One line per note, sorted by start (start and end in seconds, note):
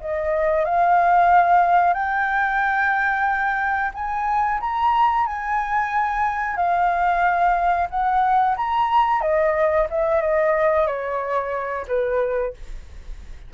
0.00 0.64 D#5
0.64 1.93 F5
1.93 3.91 G5
3.94 4.59 G#5
4.60 5.26 A#5
5.26 6.56 G#5
6.56 7.88 F5
7.89 8.55 F#5
8.56 9.21 A#5
9.21 9.87 D#5
9.90 10.21 E5
10.21 10.86 D#5
10.86 11.85 C#5
11.87 12.53 B4